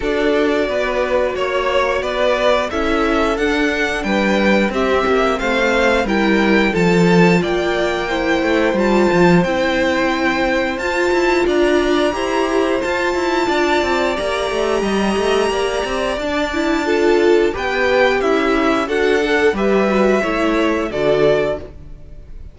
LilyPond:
<<
  \new Staff \with { instrumentName = "violin" } { \time 4/4 \tempo 4 = 89 d''2 cis''4 d''4 | e''4 fis''4 g''4 e''4 | f''4 g''4 a''4 g''4~ | g''4 a''4 g''2 |
a''4 ais''2 a''4~ | a''4 ais''2. | a''2 g''4 e''4 | fis''4 e''2 d''4 | }
  \new Staff \with { instrumentName = "violin" } { \time 4/4 a'4 b'4 cis''4 b'4 | a'2 b'4 g'4 | c''4 ais'4 a'4 d''4 | c''1~ |
c''4 d''4 c''2 | d''2 dis''4 d''4~ | d''4 a'4 b'4 e'4 | a'4 b'4 cis''4 a'4 | }
  \new Staff \with { instrumentName = "viola" } { \time 4/4 fis'1 | e'4 d'2 c'4~ | c'4 e'4 f'2 | e'4 f'4 e'2 |
f'2 g'4 f'4~ | f'4 g'2. | d'8 e'8 f'4 g'2 | fis'8 a'8 g'8 fis'8 e'4 fis'4 | }
  \new Staff \with { instrumentName = "cello" } { \time 4/4 d'4 b4 ais4 b4 | cis'4 d'4 g4 c'8 ais8 | a4 g4 f4 ais4~ | ais8 a8 g8 f8 c'2 |
f'8 e'8 d'4 e'4 f'8 e'8 | d'8 c'8 ais8 a8 g8 a8 ais8 c'8 | d'2 b4 cis'4 | d'4 g4 a4 d4 | }
>>